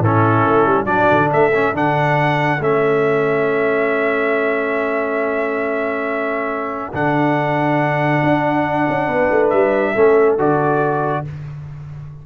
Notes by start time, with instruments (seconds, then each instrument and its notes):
0.00 tuba A2, trombone C#4, horn E4, trumpet A4
0.46 tuba A3
0.65 tuba G3
0.85 tuba F#3, trombone D4, horn F#4, trumpet D5
1.11 tuba D3
1.30 tuba A3, horn A4, trumpet E5
1.54 trombone C#4
1.73 tuba D3, trombone D4, trumpet F#5
2.60 tuba A3, trombone C#4, trumpet E5
6.93 tuba D3, trombone D4, trumpet F#5
8.23 tuba D4
8.88 tuba C#4
9.07 tuba B3, horn B4
9.31 tuba A3
9.49 tuba G3, trumpet E5
9.94 tuba A3, trombone C#4, horn A4
10.38 tuba D3, trombone F#4, trumpet D5